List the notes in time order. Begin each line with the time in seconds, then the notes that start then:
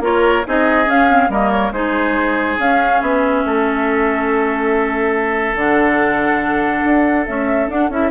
0.00 A#3 F4 A#4 C#5
0.45 C4 D#4 G#4 D#5
0.86 C#4 F5
1.08 C4
1.29 G3 A#3 A#4 D#5
1.50 C#5
1.71 G#3 D#4 G#4 C5
2.59 C#4 F5
3.01 B3 E5
3.45 A3 A4
5.54 D3 D4 F#5
6.84 D4
7.25 A3 C#4 E5
7.67 D4 F#5
7.89 C#4 E4 E5